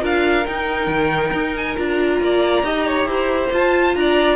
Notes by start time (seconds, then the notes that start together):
0.00 D4 F4 A#4 F5
0.46 D#4 G5
0.87 D#3
1.33 D#4
1.56 G#5
1.76 D4 F4 A#5
2.20 A#3 D5
2.62 D#4 G4 D#5
2.86 C#5
3.05 E4 C5
3.52 F4 A5
3.95 D4 D5 A#5